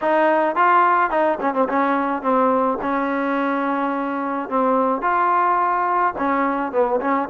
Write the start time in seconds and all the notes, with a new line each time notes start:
0.01 D#4
0.55 F4
1.10 D#4
1.40 C#4
1.53 C4
1.68 C#4
2.22 C4
2.81 C#4
4.49 C4
5.01 F4
6.17 C#4
6.72 B3
7.00 C#4